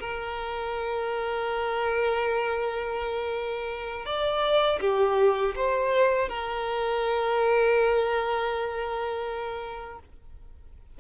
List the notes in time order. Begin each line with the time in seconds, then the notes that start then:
0.00 A#4
4.06 D5
4.81 G4
5.56 C5
6.29 A#4